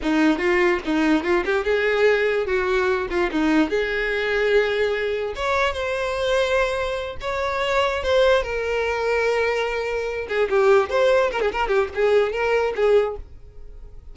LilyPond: \new Staff \with { instrumentName = "violin" } { \time 4/4 \tempo 4 = 146 dis'4 f'4 dis'4 f'8 g'8 | gis'2 fis'4. f'8 | dis'4 gis'2.~ | gis'4 cis''4 c''2~ |
c''4. cis''2 c''8~ | c''8 ais'2.~ ais'8~ | ais'4 gis'8 g'4 c''4 ais'16 gis'16 | ais'8 g'8 gis'4 ais'4 gis'4 | }